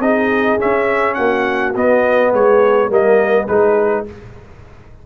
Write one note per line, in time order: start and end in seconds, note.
0.00 0.58 C4
0.00 0.59 D#4
0.00 1.16 G#4
0.00 0.60 D#5
0.59 1.74 C#4
0.59 1.19 C#4
0.59 1.15 E5
1.15 1.76 A#3
1.15 2.32 F#4
1.15 1.72 F#5
1.76 2.33 B3
1.76 2.90 B3
1.76 2.34 D#5
2.33 2.90 G#3
2.33 2.90 G#4
2.33 2.92 C#5
2.90 3.48 G3
2.90 3.48 A#3
2.90 3.47 A#4
2.90 3.48 D#5
3.47 4.07 G#3
3.47 4.06 D#4
3.47 4.04 G#4
3.47 4.06 B4